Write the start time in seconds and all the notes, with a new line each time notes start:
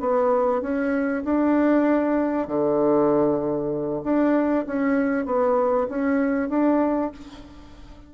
0.00 B3
0.62 C#4
1.25 D4
2.48 D3
4.04 D4
4.66 C#4
5.26 B3
5.89 C#4
6.49 D4